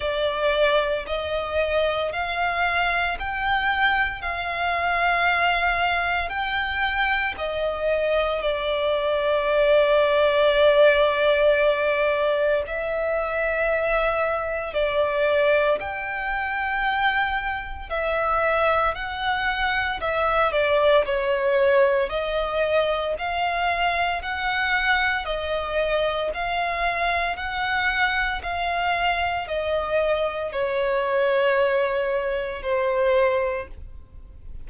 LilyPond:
\new Staff \with { instrumentName = "violin" } { \time 4/4 \tempo 4 = 57 d''4 dis''4 f''4 g''4 | f''2 g''4 dis''4 | d''1 | e''2 d''4 g''4~ |
g''4 e''4 fis''4 e''8 d''8 | cis''4 dis''4 f''4 fis''4 | dis''4 f''4 fis''4 f''4 | dis''4 cis''2 c''4 | }